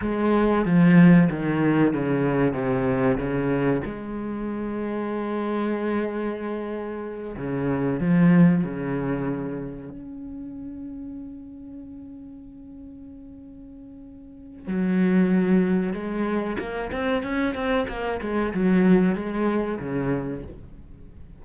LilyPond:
\new Staff \with { instrumentName = "cello" } { \time 4/4 \tempo 4 = 94 gis4 f4 dis4 cis4 | c4 cis4 gis2~ | gis2.~ gis8 cis8~ | cis8 f4 cis2 cis'8~ |
cis'1~ | cis'2. fis4~ | fis4 gis4 ais8 c'8 cis'8 c'8 | ais8 gis8 fis4 gis4 cis4 | }